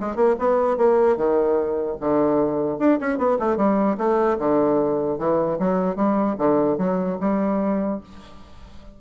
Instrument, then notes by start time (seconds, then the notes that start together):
bassoon
0.00 G#3
0.15 A#3
0.39 B3
0.77 A#3
1.17 D#3
2.00 D3
2.79 D4
3.00 C#4
3.18 B3
3.39 A3
3.56 G3
3.97 A3
4.38 D3
5.18 E3
5.59 F#3
5.96 G3
6.38 D3
6.78 F#3
7.20 G3